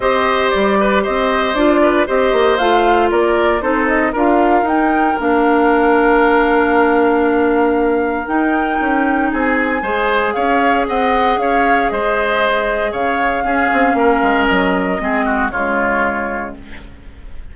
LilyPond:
<<
  \new Staff \with { instrumentName = "flute" } { \time 4/4 \tempo 4 = 116 dis''4 d''4 dis''4 d''4 | dis''4 f''4 d''4 c''8 dis''8 | f''4 g''4 f''2~ | f''1 |
g''2 gis''2 | f''4 fis''4 f''4 dis''4~ | dis''4 f''2. | dis''2 cis''2 | }
  \new Staff \with { instrumentName = "oboe" } { \time 4/4 c''4. b'8 c''4. b'8 | c''2 ais'4 a'4 | ais'1~ | ais'1~ |
ais'2 gis'4 c''4 | cis''4 dis''4 cis''4 c''4~ | c''4 cis''4 gis'4 ais'4~ | ais'4 gis'8 fis'8 f'2 | }
  \new Staff \with { instrumentName = "clarinet" } { \time 4/4 g'2. f'4 | g'4 f'2 dis'4 | f'4 dis'4 d'2~ | d'1 |
dis'2. gis'4~ | gis'1~ | gis'2 cis'2~ | cis'4 c'4 gis2 | }
  \new Staff \with { instrumentName = "bassoon" } { \time 4/4 c'4 g4 c'4 d'4 | c'8 ais8 a4 ais4 c'4 | d'4 dis'4 ais2~ | ais1 |
dis'4 cis'4 c'4 gis4 | cis'4 c'4 cis'4 gis4~ | gis4 cis4 cis'8 c'8 ais8 gis8 | fis4 gis4 cis2 | }
>>